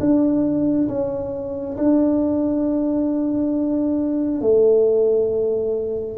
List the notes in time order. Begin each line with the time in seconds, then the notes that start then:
0.00 D4
0.89 C#4
1.77 D4
4.41 A3